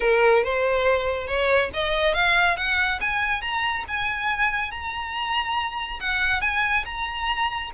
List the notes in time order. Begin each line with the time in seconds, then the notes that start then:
0.00 A#4
0.43 C5
1.27 C#5
1.73 D#5
2.14 F5
2.57 F#5
3.00 G#5
3.41 A#5
3.87 G#5
4.71 A#5
6.00 F#5
6.41 G#5
6.85 A#5